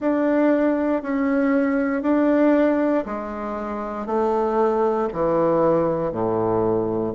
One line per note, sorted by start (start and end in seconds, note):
0.00 1.02 D4
1.02 2.02 C#4
2.02 3.04 D4
3.05 4.06 G#3
4.06 5.08 A3
5.13 6.12 E3
6.12 7.13 A2